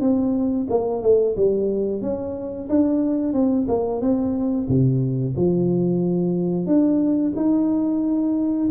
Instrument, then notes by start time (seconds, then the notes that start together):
tuba
0.00 C4
0.69 A#3
1.02 A3
1.36 G3
2.02 C#4
2.69 D4
3.33 C4
3.68 A#3
4.01 C4
4.68 C3
5.36 F3
6.66 D4
7.36 D#4